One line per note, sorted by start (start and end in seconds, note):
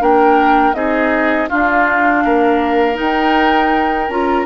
0.00 0.74 A#3
0.00 0.74 D4
0.00 0.76 A#4
0.00 0.74 G5
0.74 1.48 C4
0.74 1.48 D#4
0.74 1.50 G#4
0.74 1.48 D#5
1.50 2.95 D4
1.50 2.25 D4
1.50 2.24 F4
1.50 2.98 F5
2.25 2.99 A#3
2.25 4.46 A#4
2.95 4.06 D#4
2.95 4.10 G5
3.01 4.09 D#4
4.09 4.46 C#4
4.09 4.46 F4
4.09 4.46 A#5